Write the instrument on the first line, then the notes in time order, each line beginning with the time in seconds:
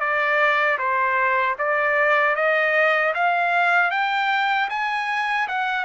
trumpet
0.00 D5
0.78 C5
1.58 D5
2.35 D#5
3.14 F5
3.91 G5
4.69 G#5
5.48 F#5